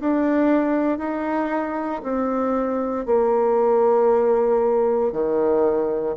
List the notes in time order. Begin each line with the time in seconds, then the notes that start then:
0.00 D4
0.98 D#4
2.03 C4
3.06 A#3
5.12 D#3